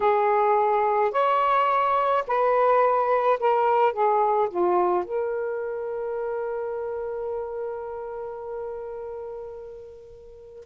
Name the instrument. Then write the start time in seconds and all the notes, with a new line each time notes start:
saxophone
0.00 G#4
1.11 C#5
2.27 B4
3.39 A#4
3.93 G#4
4.49 F4
5.04 A#4